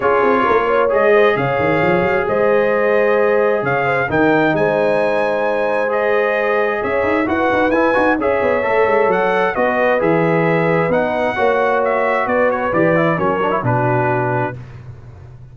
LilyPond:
<<
  \new Staff \with { instrumentName = "trumpet" } { \time 4/4 \tempo 4 = 132 cis''2 dis''4 f''4~ | f''4 dis''2. | f''4 g''4 gis''2~ | gis''4 dis''2 e''4 |
fis''4 gis''4 e''2 | fis''4 dis''4 e''2 | fis''2 e''4 d''8 cis''8 | d''4 cis''4 b'2 | }
  \new Staff \with { instrumentName = "horn" } { \time 4/4 gis'4 ais'8 cis''4 c''8 cis''4~ | cis''4 c''2. | cis''8 c''8 ais'4 c''2~ | c''2. cis''4 |
b'2 cis''2~ | cis''4 b'2.~ | b'4 cis''2 b'4~ | b'4 ais'4 fis'2 | }
  \new Staff \with { instrumentName = "trombone" } { \time 4/4 f'2 gis'2~ | gis'1~ | gis'4 dis'2.~ | dis'4 gis'2. |
fis'4 e'8 fis'8 gis'4 a'4~ | a'4 fis'4 gis'2 | dis'4 fis'2. | g'8 e'8 cis'8 d'16 e'16 d'2 | }
  \new Staff \with { instrumentName = "tuba" } { \time 4/4 cis'8 c'8 ais4 gis4 cis8 dis8 | f8 fis8 gis2. | cis4 dis4 gis2~ | gis2. cis'8 dis'8 |
e'8 dis'8 e'8 dis'8 cis'8 b8 a8 gis8 | fis4 b4 e2 | b4 ais2 b4 | e4 fis4 b,2 | }
>>